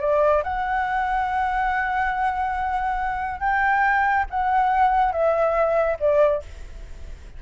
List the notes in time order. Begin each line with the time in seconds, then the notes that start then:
0.00 D5
0.43 F#5
3.40 G5
4.30 F#5
5.12 E5
5.99 D5